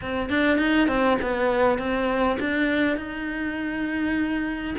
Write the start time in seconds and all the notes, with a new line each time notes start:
0.01 C4
0.29 D4
0.58 D#4
0.87 C4
1.21 B3
1.78 C4
2.39 D4
2.96 D#4